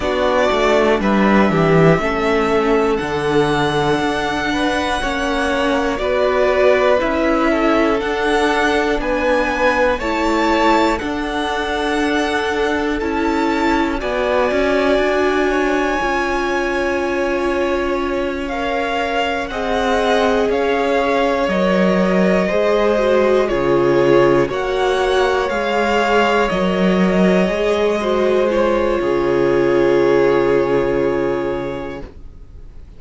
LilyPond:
<<
  \new Staff \with { instrumentName = "violin" } { \time 4/4 \tempo 4 = 60 d''4 e''2 fis''4~ | fis''2 d''4 e''4 | fis''4 gis''4 a''4 fis''4~ | fis''4 a''4 gis''2~ |
gis''2~ gis''8 f''4 fis''8~ | fis''8 f''4 dis''2 cis''8~ | cis''8 fis''4 f''4 dis''4.~ | dis''8 cis''2.~ cis''8 | }
  \new Staff \with { instrumentName = "violin" } { \time 4/4 fis'4 b'8 g'8 a'2~ | a'8 b'8 cis''4 b'4. a'8~ | a'4 b'4 cis''4 a'4~ | a'2 d''4. cis''8~ |
cis''2.~ cis''8 dis''8~ | dis''8 cis''2 c''4 gis'8~ | gis'8 cis''2.~ cis''8 | c''4 gis'2. | }
  \new Staff \with { instrumentName = "viola" } { \time 4/4 d'2 cis'4 d'4~ | d'4 cis'4 fis'4 e'4 | d'2 e'4 d'4~ | d'4 e'4 fis'2 |
f'2~ f'8 ais'4 gis'8~ | gis'4. ais'4 gis'8 fis'8 f'8~ | f'8 fis'4 gis'4 ais'4 gis'8 | fis'8 f'2.~ f'8 | }
  \new Staff \with { instrumentName = "cello" } { \time 4/4 b8 a8 g8 e8 a4 d4 | d'4 ais4 b4 cis'4 | d'4 b4 a4 d'4~ | d'4 cis'4 b8 cis'8 d'4 |
cis'2.~ cis'8 c'8~ | c'8 cis'4 fis4 gis4 cis8~ | cis8 ais4 gis4 fis4 gis8~ | gis4 cis2. | }
>>